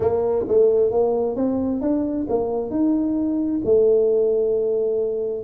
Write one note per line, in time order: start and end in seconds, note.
0.00 0.45 A#3
0.48 0.91 A3
0.91 1.35 A#3
1.35 1.81 C4
1.81 2.26 D4
2.29 2.70 A#3
2.70 3.61 D#4
3.64 5.43 A3